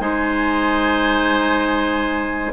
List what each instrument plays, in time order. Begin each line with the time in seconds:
0.00 bassoon G#3, clarinet D#4, oboe C5, flute G#5